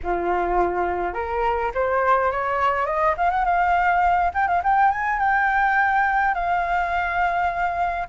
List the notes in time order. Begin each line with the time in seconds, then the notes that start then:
0.03 F4
1.13 A#4
1.74 C5
2.31 C#5
2.86 D#5
3.17 F5
3.30 F#5
3.45 F5
4.33 G5
4.47 F5
4.63 G5
4.91 G#5
5.19 G5
6.34 F5